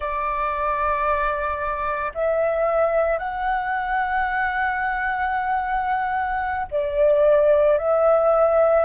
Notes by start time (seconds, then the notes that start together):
0.00 D5
2.14 E5
3.18 F#5
6.71 D5
7.78 E5